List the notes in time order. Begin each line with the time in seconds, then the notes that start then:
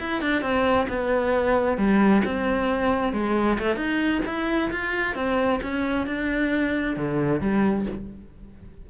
0.00 E4
0.22 D4
0.42 C4
0.89 B3
1.78 G3
2.25 C4
3.13 G#3
3.59 A3
3.76 D#4
4.26 E4
4.71 F4
5.16 C4
5.63 C#4
6.07 D4
6.97 D3
7.41 G3